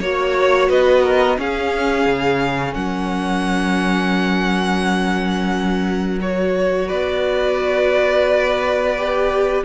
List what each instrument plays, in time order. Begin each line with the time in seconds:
0.00 cello A#3, viola F#4, violin C#5
0.70 cello B3, violin B4 D#5
1.03 violin A#4
1.37 viola C#4, cello C#4, violin G#4 F5
2.06 cello C#3
2.74 cello F#3, violin A#4 F#5
6.21 viola F#4, violin C#5
6.88 cello B3, violin B4 D5
8.97 viola G4